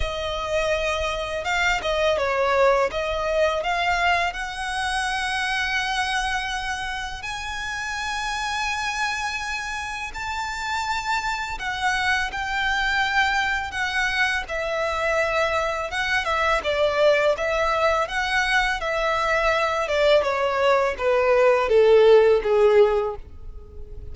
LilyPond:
\new Staff \with { instrumentName = "violin" } { \time 4/4 \tempo 4 = 83 dis''2 f''8 dis''8 cis''4 | dis''4 f''4 fis''2~ | fis''2 gis''2~ | gis''2 a''2 |
fis''4 g''2 fis''4 | e''2 fis''8 e''8 d''4 | e''4 fis''4 e''4. d''8 | cis''4 b'4 a'4 gis'4 | }